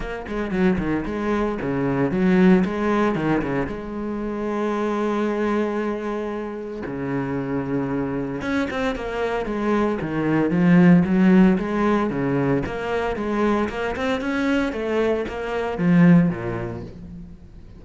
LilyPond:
\new Staff \with { instrumentName = "cello" } { \time 4/4 \tempo 4 = 114 ais8 gis8 fis8 dis8 gis4 cis4 | fis4 gis4 dis8 cis8 gis4~ | gis1~ | gis4 cis2. |
cis'8 c'8 ais4 gis4 dis4 | f4 fis4 gis4 cis4 | ais4 gis4 ais8 c'8 cis'4 | a4 ais4 f4 ais,4 | }